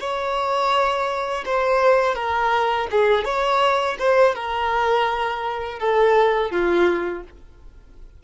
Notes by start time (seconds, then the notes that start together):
0.00 C#5
1.46 C5
2.15 A#4
2.91 G#4
3.25 C#5
3.99 C5
4.35 A#4
5.80 A4
6.51 F4